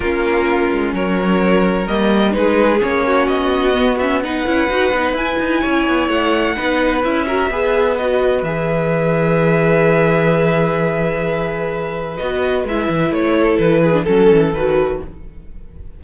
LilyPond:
<<
  \new Staff \with { instrumentName = "violin" } { \time 4/4 \tempo 4 = 128 ais'2 cis''2 | dis''4 b'4 cis''4 dis''4~ | dis''8 e''8 fis''2 gis''4~ | gis''4 fis''2 e''4~ |
e''4 dis''4 e''2~ | e''1~ | e''2 dis''4 e''4 | cis''4 b'4 a'4 b'4 | }
  \new Staff \with { instrumentName = "violin" } { \time 4/4 f'2 ais'2~ | ais'4 gis'4. fis'4.~ | fis'4 b'2. | cis''2 b'4. ais'8 |
b'1~ | b'1~ | b'1~ | b'8 a'4 gis'8 a'2 | }
  \new Staff \with { instrumentName = "viola" } { \time 4/4 cis'1 | ais4 dis'4 cis'2 | b8 cis'8 dis'8 e'8 fis'8 dis'8 e'4~ | e'2 dis'4 e'8 fis'8 |
gis'4 fis'4 gis'2~ | gis'1~ | gis'2 fis'4 e'4~ | e'4.~ e'16 d'16 cis'4 fis'4 | }
  \new Staff \with { instrumentName = "cello" } { \time 4/4 ais4. gis8 fis2 | g4 gis4 ais4 b4~ | b4. cis'8 dis'8 b8 e'8 dis'8 | cis'8 b8 a4 b4 cis'4 |
b2 e2~ | e1~ | e2 b4 gis8 e8 | a4 e4 fis8 e8 dis4 | }
>>